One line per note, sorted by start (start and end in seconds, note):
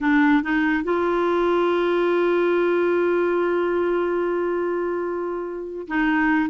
0.00 0.42 D4
0.42 0.83 D#4
0.83 5.87 F4
5.87 6.50 D#4